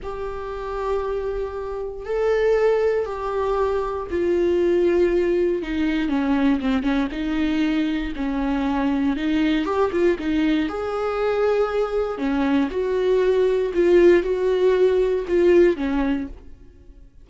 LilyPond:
\new Staff \with { instrumentName = "viola" } { \time 4/4 \tempo 4 = 118 g'1 | a'2 g'2 | f'2. dis'4 | cis'4 c'8 cis'8 dis'2 |
cis'2 dis'4 g'8 f'8 | dis'4 gis'2. | cis'4 fis'2 f'4 | fis'2 f'4 cis'4 | }